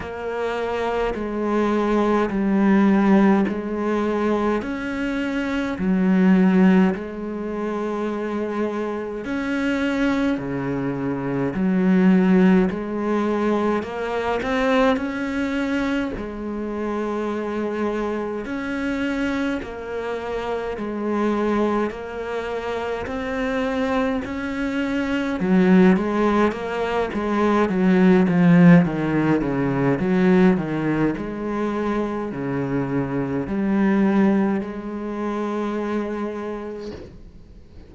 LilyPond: \new Staff \with { instrumentName = "cello" } { \time 4/4 \tempo 4 = 52 ais4 gis4 g4 gis4 | cis'4 fis4 gis2 | cis'4 cis4 fis4 gis4 | ais8 c'8 cis'4 gis2 |
cis'4 ais4 gis4 ais4 | c'4 cis'4 fis8 gis8 ais8 gis8 | fis8 f8 dis8 cis8 fis8 dis8 gis4 | cis4 g4 gis2 | }